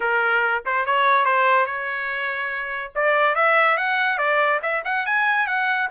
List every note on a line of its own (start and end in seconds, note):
0.00 0.63 A#4
0.65 0.85 C5
0.85 1.25 C#5
1.25 1.66 C5
1.66 2.91 C#5
2.95 3.35 D5
3.35 3.77 E5
3.77 4.18 F#5
4.18 4.60 D5
4.62 4.83 E5
4.84 5.05 F#5
5.06 5.47 G#5
5.47 5.88 F#5